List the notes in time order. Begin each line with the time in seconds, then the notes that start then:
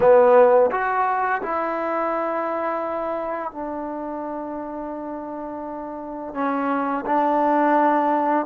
0.00 B3
0.71 F#4
1.41 E4
3.51 D4
6.34 C#4
7.06 D4